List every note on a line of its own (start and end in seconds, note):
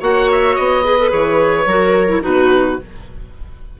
0.00 0.56 A#3
0.00 0.83 F#4
0.00 0.83 C#5
0.00 0.31 F#5
0.31 0.55 E5
0.55 1.12 B3
0.55 1.11 D#5
0.83 0.97 G#4
0.83 1.68 B4
0.99 1.09 A4
1.09 1.66 E3
1.09 1.65 G#4
1.09 2.23 C#5
1.66 2.21 F#3
1.66 2.07 F#4
1.66 2.23 A#4
2.07 2.21 E4
2.21 2.80 B2
2.21 2.77 D#4
2.21 2.78 F#4
2.21 2.80 B4